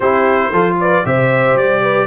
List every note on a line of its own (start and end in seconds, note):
0.00 0.51 C4
0.00 0.52 E4
0.00 0.51 G4
0.00 0.77 C5
0.51 1.04 F3
0.51 1.04 F4
0.51 0.77 A4
0.80 1.06 B4
0.80 1.06 D5
1.04 1.55 C3
1.04 2.07 G4
1.04 1.82 C5
1.04 1.57 E5
1.55 2.07 G3
1.55 2.07 D5
1.82 2.07 B4